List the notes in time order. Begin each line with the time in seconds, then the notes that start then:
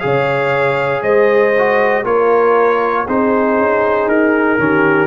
0.00 C#3 G#4 C#5 F5
1.03 G#3 C5 D#5
1.58 F#4
2.04 A#3 F4 A#4 C#5
3.07 C4 D#4 G#4 C5
3.58 C#4
4.07 D#4 A#4
4.59 D#3 C#4 G4